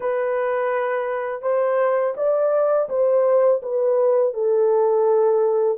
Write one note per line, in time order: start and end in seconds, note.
0.00 1.42 B4
1.42 2.14 C5
2.16 2.88 D5
2.89 3.61 C5
3.62 4.33 B4
4.33 5.78 A4